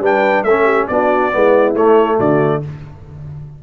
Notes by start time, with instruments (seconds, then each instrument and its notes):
0.00 tuba G3, trombone D4, horn B4, trumpet G5
0.44 tuba A3, trombone C#4, horn A4, trumpet E5
0.65 horn G4
0.87 tuba B3, trombone D4, horn F#4, trumpet D5
1.32 tuba G#3, trombone B3, horn E4
1.75 tuba A3, trombone A3, trumpet C#5
2.16 tuba D3, horn F#4, trumpet D5